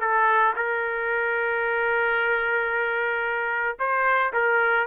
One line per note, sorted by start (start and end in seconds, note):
0.00 0.54 A4
0.56 3.77 A#4
3.79 4.32 C5
4.33 4.86 A#4